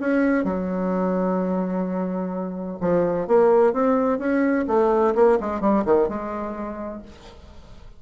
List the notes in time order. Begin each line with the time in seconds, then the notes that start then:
0.00 C#4
0.44 F#3
2.80 F3
3.27 A#3
3.73 C4
4.18 C#4
4.67 A3
5.15 A#3
5.40 G#3
5.61 G3
5.85 D#3
6.08 G#3